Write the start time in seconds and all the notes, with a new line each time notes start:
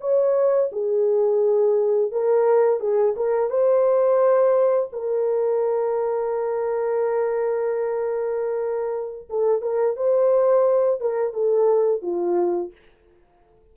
0.00 C#5
0.72 G#4
2.11 A#4
2.80 G#4
3.16 A#4
3.49 C5
4.92 A#4
9.29 A4
9.61 A#4
9.96 C5
11.00 A#4
11.33 A4
12.02 F4